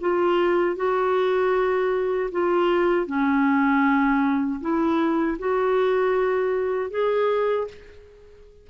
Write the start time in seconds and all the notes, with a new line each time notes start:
0.00 F4
0.76 F#4
2.31 F4
3.06 C#4
4.60 E4
5.38 F#4
6.90 G#4